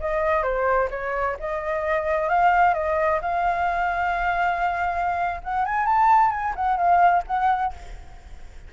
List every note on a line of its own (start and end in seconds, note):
0.00 0.43 D#5
0.43 0.89 C5
0.91 1.37 C#5
1.40 2.29 D#5
2.29 2.74 F5
2.74 3.20 D#5
3.22 5.41 F5
5.44 5.65 F#5
5.65 5.86 G#5
5.86 6.31 A5
6.31 6.54 G#5
6.56 6.77 F#5
6.77 7.23 F5
7.27 7.73 F#5